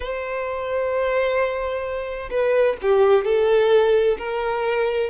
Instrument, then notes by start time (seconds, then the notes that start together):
violin
0.00 C5
2.30 B4
2.82 G4
3.24 A4
4.18 A#4